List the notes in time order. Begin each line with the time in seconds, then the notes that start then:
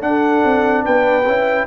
0.00 D4 F#5
0.07 A4
0.44 C4
0.83 B3 B4 G5
1.26 C#4 E4